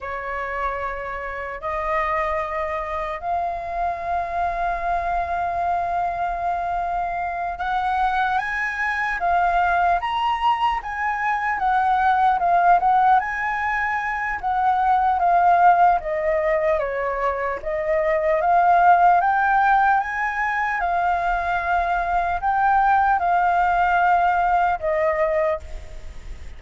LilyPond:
\new Staff \with { instrumentName = "flute" } { \time 4/4 \tempo 4 = 75 cis''2 dis''2 | f''1~ | f''4. fis''4 gis''4 f''8~ | f''8 ais''4 gis''4 fis''4 f''8 |
fis''8 gis''4. fis''4 f''4 | dis''4 cis''4 dis''4 f''4 | g''4 gis''4 f''2 | g''4 f''2 dis''4 | }